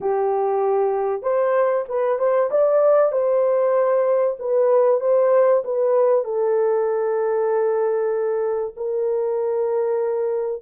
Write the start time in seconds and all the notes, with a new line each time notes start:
0.00 G4
1.22 C5
1.88 B4
2.18 C5
2.50 D5
3.12 C5
4.39 B4
5.00 C5
5.64 B4
6.24 A4
8.76 A#4